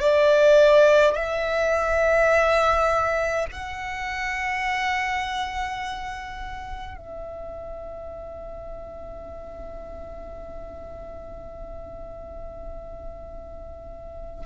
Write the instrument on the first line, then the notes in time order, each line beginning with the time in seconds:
violin
0.00 D5
1.15 E5
3.51 F#5
6.97 E5